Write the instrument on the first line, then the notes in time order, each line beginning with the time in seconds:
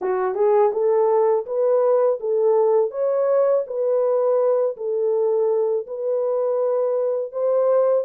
horn
0.01 F#4
0.35 G#4
0.72 A4
1.46 B4
2.20 A4
2.90 C#5
3.66 B4
4.76 A4
5.86 B4
7.32 C5